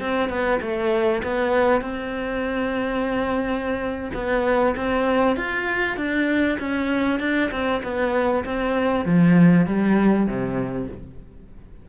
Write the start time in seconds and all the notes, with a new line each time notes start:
0.00 C4
0.29 B3
0.61 A3
1.23 B3
1.81 C4
4.14 B3
4.76 C4
5.37 F4
5.97 D4
6.59 C#4
7.20 D4
7.51 C4
7.83 B3
8.45 C4
9.05 F3
9.67 G3
10.27 C3